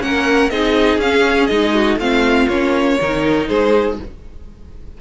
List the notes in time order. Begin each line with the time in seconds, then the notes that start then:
0.00 A#3 C#4 A#4 F#5
0.50 C4 D#4 G#4 D#5
0.98 C#4 F5
1.47 G#3 D#4 D#5
1.75 F#4
1.97 A3 C4 F4 F5
2.49 A#3 C#4 C#5
3.01 D#3 D#4 A#4
3.48 G#3 G#4 C5